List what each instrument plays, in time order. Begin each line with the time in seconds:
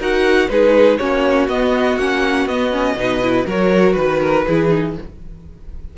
0.00 cello D#4, viola F#4, violin A#4 F#5
0.50 cello G#3, viola D#4, violin G#4 B4
0.98 cello A#3, viola C#4, violin F#4 C#5
1.48 cello B3, viola B3, violin D#5
1.97 cello A#3, viola C#4, violin F#5
2.46 cello B3, viola B3, violin D#5
2.72 viola C#4
2.95 cello B2, viola D#4, violin B4
3.22 viola E4
3.47 cello F#3, viola F#4, violin A#4 C#5
3.93 cello D#3, violin B4
4.21 violin A#4
4.47 cello E3, viola E4, violin G#4
4.69 viola D#4